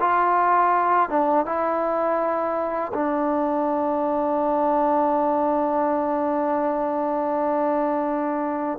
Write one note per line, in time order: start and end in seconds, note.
0.00 1.09 F4
1.09 1.45 D4
1.45 2.92 E4
2.93 8.78 D4